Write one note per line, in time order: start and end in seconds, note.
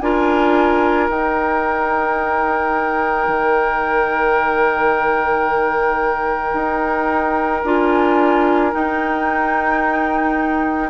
0.00 1.09 D4
0.00 1.09 F4
0.00 10.90 A#4
0.00 1.09 G#5
1.09 3.27 D#4
1.09 7.64 D#4
1.09 7.65 G5
3.27 6.53 D#3
6.53 7.62 D#4
7.64 8.73 D4
7.64 8.72 F4
7.64 8.73 G#5
8.72 10.90 D#4
8.72 10.90 G5